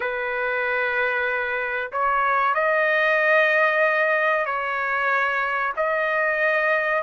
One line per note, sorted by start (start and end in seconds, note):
0.00 1.91 B4
1.91 2.54 C#5
2.54 4.45 D#5
4.45 5.73 C#5
5.76 7.02 D#5